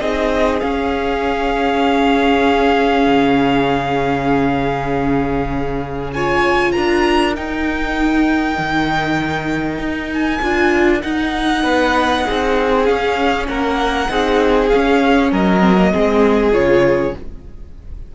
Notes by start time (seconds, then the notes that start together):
0.00 C4 D#4 G#4 D#5
0.60 C#4 F5
3.07 C#3
6.13 F4 C#5 G#5
6.72 D4 A#4 A#5
7.35 D#4 G5
8.58 D#3
9.78 D#4
10.13 G#5
10.42 D4 F4
11.01 D#4 F#5
11.63 B3 B4
12.25 C4 G#4
12.85 C#4 F5
13.47 A#3 A#4 F#5
14.08 C4 D#4 G#4
14.69 C#4 F5
15.31 F#3 A#4 D#5
15.61 C4
15.78 A#3
15.92 G#3 C4 G#4
16.52 C#3 F4 C#5